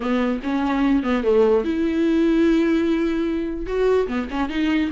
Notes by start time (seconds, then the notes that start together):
0.00 B3
0.43 C#4
1.03 B3
1.23 A3
1.64 E4
3.66 F#4
4.07 B3
4.30 C#4
4.49 D#4